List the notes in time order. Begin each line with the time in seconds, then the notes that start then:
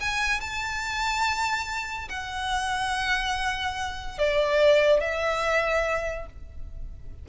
0.00 G#5
0.40 A5
2.08 F#5
4.18 D5
5.00 E5